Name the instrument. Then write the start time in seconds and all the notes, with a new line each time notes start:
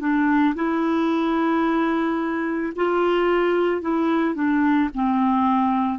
clarinet
0.00 D4
0.56 E4
2.76 F4
3.82 E4
4.35 D4
4.95 C4